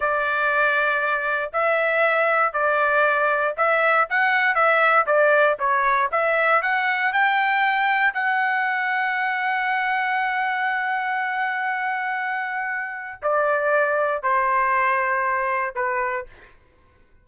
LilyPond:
\new Staff \with { instrumentName = "trumpet" } { \time 4/4 \tempo 4 = 118 d''2. e''4~ | e''4 d''2 e''4 | fis''4 e''4 d''4 cis''4 | e''4 fis''4 g''2 |
fis''1~ | fis''1~ | fis''2 d''2 | c''2. b'4 | }